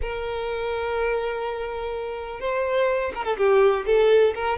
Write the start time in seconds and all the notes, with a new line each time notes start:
0.01 A#4
2.40 C5
3.14 A#4
3.24 A4
3.37 G4
3.85 A4
4.34 A#4